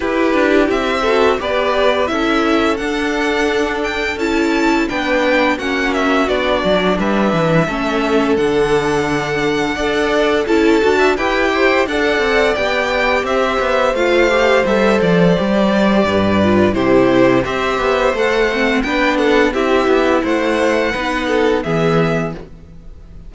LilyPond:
<<
  \new Staff \with { instrumentName = "violin" } { \time 4/4 \tempo 4 = 86 b'4 e''4 d''4 e''4 | fis''4. g''8 a''4 g''4 | fis''8 e''8 d''4 e''2 | fis''2. a''4 |
g''4 fis''4 g''4 e''4 | f''4 e''8 d''2~ d''8 | c''4 e''4 fis''4 g''8 fis''8 | e''4 fis''2 e''4 | }
  \new Staff \with { instrumentName = "violin" } { \time 4/4 g'4. a'8 b'4 a'4~ | a'2. b'4 | fis'2 b'4 a'4~ | a'2 d''4 a'8. e''16 |
b'8 c''8 d''2 c''4~ | c''2. b'4 | g'4 c''2 b'8 a'8 | g'4 c''4 b'8 a'8 gis'4 | }
  \new Staff \with { instrumentName = "viola" } { \time 4/4 e'4. fis'8 g'4 e'4 | d'2 e'4 d'4 | cis'4 d'2 cis'4 | d'2 a'4 e'8 fis'8 |
g'4 a'4 g'2 | f'8 g'8 a'4 g'4. f'8 | e'4 g'4 a'8 c'8 d'4 | e'2 dis'4 b4 | }
  \new Staff \with { instrumentName = "cello" } { \time 4/4 e'8 d'8 c'4 b4 cis'4 | d'2 cis'4 b4 | ais4 b8 fis8 g8 e8 a4 | d2 d'4 cis'8 d'8 |
e'4 d'8 c'8 b4 c'8 b8 | a4 g8 f8 g4 g,4 | c4 c'8 b8 a4 b4 | c'8 b8 a4 b4 e4 | }
>>